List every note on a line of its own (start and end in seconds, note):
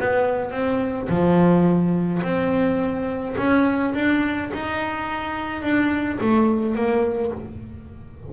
0.00 0.51 B3
0.51 1.08 C4
1.09 2.22 F3
2.22 3.36 C4
3.37 3.94 C#4
3.94 4.51 D4
4.53 5.62 D#4
5.62 6.19 D4
6.21 6.75 A3
6.75 7.31 A#3